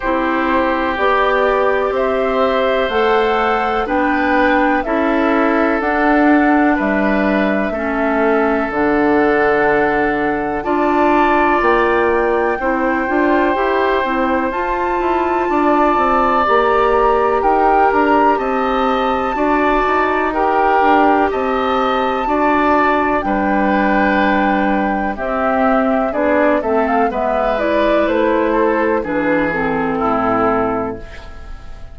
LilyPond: <<
  \new Staff \with { instrumentName = "flute" } { \time 4/4 \tempo 4 = 62 c''4 d''4 e''4 fis''4 | g''4 e''4 fis''4 e''4~ | e''4 fis''2 a''4 | g''2. a''4~ |
a''4 ais''4 g''8 ais''8 a''4~ | a''4 g''4 a''2 | g''2 e''4 d''8 e''16 f''16 | e''8 d''8 c''4 b'8 a'4. | }
  \new Staff \with { instrumentName = "oboe" } { \time 4/4 g'2 c''2 | b'4 a'2 b'4 | a'2. d''4~ | d''4 c''2. |
d''2 ais'4 dis''4 | d''4 ais'4 dis''4 d''4 | b'2 g'4 gis'8 a'8 | b'4. a'8 gis'4 e'4 | }
  \new Staff \with { instrumentName = "clarinet" } { \time 4/4 e'4 g'2 a'4 | d'4 e'4 d'2 | cis'4 d'2 f'4~ | f'4 e'8 f'8 g'8 e'8 f'4~ |
f'4 g'2. | fis'4 g'2 fis'4 | d'2 c'4 d'8 c'8 | b8 e'4. d'8 c'4. | }
  \new Staff \with { instrumentName = "bassoon" } { \time 4/4 c'4 b4 c'4 a4 | b4 cis'4 d'4 g4 | a4 d2 d'4 | ais4 c'8 d'8 e'8 c'8 f'8 e'8 |
d'8 c'8 ais4 dis'8 d'8 c'4 | d'8 dis'4 d'8 c'4 d'4 | g2 c'4 b8 a8 | gis4 a4 e4 a,4 | }
>>